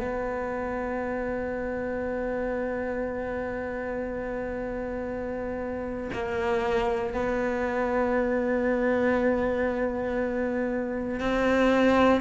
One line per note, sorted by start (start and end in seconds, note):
0.00 6.10 B3
6.13 7.14 A#3
7.14 11.20 B3
11.20 12.21 C4